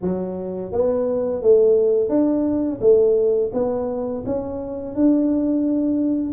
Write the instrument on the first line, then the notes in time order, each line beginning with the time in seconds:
tuba
0.01 F#3
0.72 B3
1.41 A3
2.09 D4
2.80 A3
3.53 B3
4.25 C#4
4.95 D4